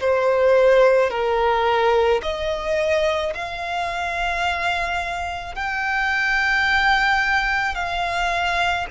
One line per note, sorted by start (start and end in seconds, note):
0.00 1.10 C5
1.10 2.21 A#4
2.23 3.34 D#5
3.34 5.55 F5
5.55 7.75 G5
7.75 8.86 F5